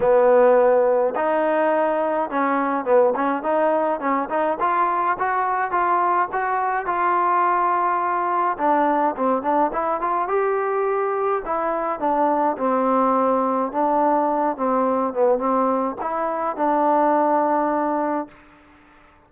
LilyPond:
\new Staff \with { instrumentName = "trombone" } { \time 4/4 \tempo 4 = 105 b2 dis'2 | cis'4 b8 cis'8 dis'4 cis'8 dis'8 | f'4 fis'4 f'4 fis'4 | f'2. d'4 |
c'8 d'8 e'8 f'8 g'2 | e'4 d'4 c'2 | d'4. c'4 b8 c'4 | e'4 d'2. | }